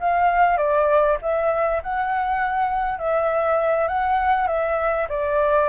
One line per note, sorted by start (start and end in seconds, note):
0.00 0.57 F5
0.57 1.17 D5
1.22 1.82 E5
1.83 2.98 F#5
2.98 3.88 E5
3.88 4.48 F#5
4.48 5.08 E5
5.09 5.69 D5